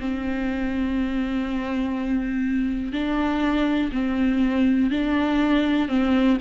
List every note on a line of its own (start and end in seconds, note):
0.00 2.93 C4
2.93 3.91 D4
3.93 4.91 C4
4.91 5.89 D4
5.89 6.38 C4